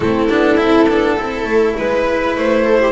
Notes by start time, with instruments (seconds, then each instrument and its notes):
0.00 double bass A3, cello C4, viola E4, violin A4
0.29 double bass B3, cello D4
0.57 double bass C4, cello E4
0.88 double bass B3, cello D4
1.16 double bass C4, cello E4, viola A4
1.44 double bass A3
1.77 double bass G#3, viola B4, violin B4
2.36 double bass A3, violin C5
2.64 viola A4
2.80 viola G4